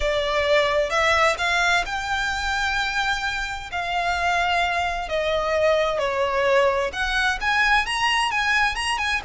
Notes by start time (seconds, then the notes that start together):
0.00 D5
0.89 E5
1.38 F5
1.85 G5
3.71 F5
5.09 D#5
5.99 C#5
6.92 F#5
7.41 G#5
7.86 A#5
8.31 G#5
8.75 A#5
8.98 G#5